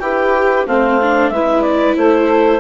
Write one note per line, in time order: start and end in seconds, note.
0.00 0.66 E4
0.00 0.67 G4
0.00 0.67 B4
0.00 0.65 G5
0.67 1.30 A3
0.67 1.00 C4
0.67 1.32 C5
0.67 1.30 F5
1.02 1.34 D4
1.30 1.96 G#3
1.30 2.60 E4
1.30 1.97 B4
1.30 1.62 E5
1.62 1.95 D5
1.97 2.60 A3
1.97 2.60 A4
1.97 2.60 C5